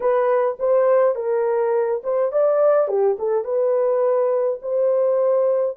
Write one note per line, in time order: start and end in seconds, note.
0.00 0.57 B4
0.59 1.15 C5
1.15 2.01 A#4
2.03 2.32 C5
2.32 2.88 D5
2.88 3.17 G4
3.19 3.44 A4
3.44 4.59 B4
4.62 5.77 C5